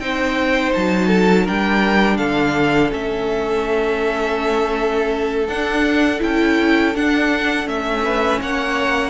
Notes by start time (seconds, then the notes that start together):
0.00 C4 D#4 C5 G5
0.74 F#3 A5
1.07 A4
1.44 G3 D4 A#4 G5
2.18 D3 A4 F5
2.90 A3 C#4 E5
5.48 D4 F#5
6.20 C#4 E4 G5
6.95 D4 F#5
7.66 A3 C#4 E5
8.05 B4
8.41 A#3 C#5 F#5